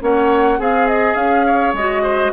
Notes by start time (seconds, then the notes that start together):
0.00 A#3 C#4 C#5 F#5
0.58 C4 G#4 F5
0.87 D#5
1.15 C#4 F5
1.46 C#5
1.73 G#3 F#4 D#5
2.02 C5